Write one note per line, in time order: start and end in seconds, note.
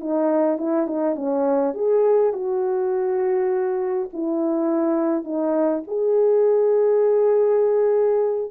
0.00 0.58 D#4
0.58 0.87 E4
0.87 1.15 D#4
1.15 1.74 C#4
1.74 2.33 G#4
2.33 4.09 F#4
4.13 5.24 E4
5.24 5.83 D#4
5.87 8.51 G#4